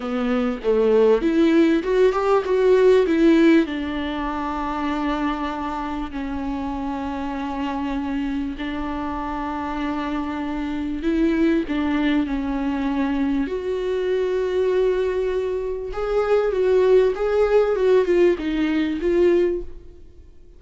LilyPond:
\new Staff \with { instrumentName = "viola" } { \time 4/4 \tempo 4 = 98 b4 a4 e'4 fis'8 g'8 | fis'4 e'4 d'2~ | d'2 cis'2~ | cis'2 d'2~ |
d'2 e'4 d'4 | cis'2 fis'2~ | fis'2 gis'4 fis'4 | gis'4 fis'8 f'8 dis'4 f'4 | }